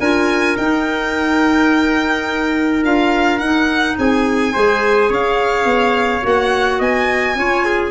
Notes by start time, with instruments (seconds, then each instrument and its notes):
0.00 tuba D4, clarinet F4, trumpet A#4, violin G#5
0.57 tuba D#4, clarinet D#4, violin G5
2.83 tuba D4, clarinet F4, violin F5
3.39 tuba D#4, clarinet D#4, violin F#5
3.99 tuba C4, trumpet G#4, violin G#5
4.53 tuba G#3, clarinet G#4, trumpet C5
5.09 tuba C#4, trumpet C#5, violin F5
5.65 tuba B3
6.22 tuba A#3, clarinet F#4, violin F#5
6.79 tuba B3, trumpet D#5, violin G#5
7.36 tuba C#4, clarinet F4, trumpet C#5
7.65 trumpet G#4